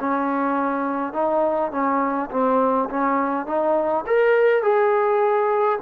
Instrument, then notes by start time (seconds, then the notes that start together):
trombone
0.00 C#4
1.13 D#4
1.71 C#4
2.31 C4
2.90 C#4
3.46 D#4
4.07 A#4
4.63 G#4